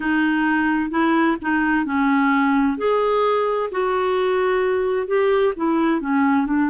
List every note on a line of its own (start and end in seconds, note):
0.00 0.90 D#4
0.90 1.36 E4
1.41 1.85 D#4
1.85 2.77 C#4
2.77 3.69 G#4
3.71 5.07 F#4
5.07 5.53 G4
5.56 6.00 E4
6.00 6.46 C#4
6.46 6.69 D4